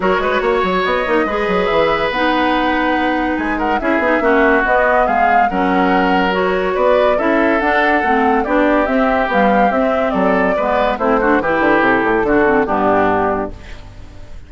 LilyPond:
<<
  \new Staff \with { instrumentName = "flute" } { \time 4/4 \tempo 4 = 142 cis''2 dis''2 | e''4 fis''2. | gis''8 fis''8 e''2 dis''4 | f''4 fis''2 cis''4 |
d''4 e''4 fis''2 | d''4 e''4 f''4 e''4 | d''2 c''4 b'4 | a'2 g'2 | }
  \new Staff \with { instrumentName = "oboe" } { \time 4/4 ais'8 b'8 cis''2 b'4~ | b'1~ | b'8 ais'8 gis'4 fis'2 | gis'4 ais'2. |
b'4 a'2. | g'1 | a'4 b'4 e'8 fis'8 g'4~ | g'4 fis'4 d'2 | }
  \new Staff \with { instrumentName = "clarinet" } { \time 4/4 fis'2~ fis'8 dis'8 gis'4~ | gis'4 dis'2.~ | dis'4 e'8 dis'8 cis'4 b4~ | b4 cis'2 fis'4~ |
fis'4 e'4 d'4 c'4 | d'4 c'4 g4 c'4~ | c'4 b4 c'8 d'8 e'4~ | e'4 d'8 c'8 b2 | }
  \new Staff \with { instrumentName = "bassoon" } { \time 4/4 fis8 gis8 ais8 fis8 b8 ais8 gis8 fis8 | e4 b2. | gis4 cis'8 b8 ais4 b4 | gis4 fis2. |
b4 cis'4 d'4 a4 | b4 c'4 b4 c'4 | fis4 gis4 a4 e8 d8 | c8 a,8 d4 g,2 | }
>>